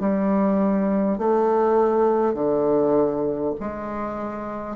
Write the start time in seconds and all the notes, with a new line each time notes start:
0.00 G3
1.18 A3
2.34 D3
3.60 G#3